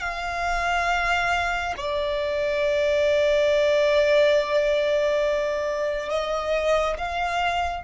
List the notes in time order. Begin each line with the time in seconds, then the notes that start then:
0.00 F5
1.77 D5
6.10 D#5
6.98 F5